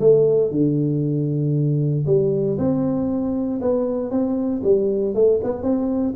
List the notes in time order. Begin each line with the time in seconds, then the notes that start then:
0.00 A3
0.51 D3
2.06 G3
2.58 C4
3.61 B3
4.10 C4
4.63 G3
5.14 A3
5.43 B3
5.63 C4